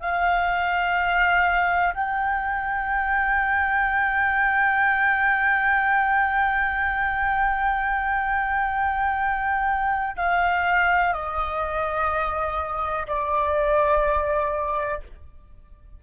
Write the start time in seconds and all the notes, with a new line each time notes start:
0.00 F5
1.94 G5
10.17 F5
11.13 D#5
13.07 D5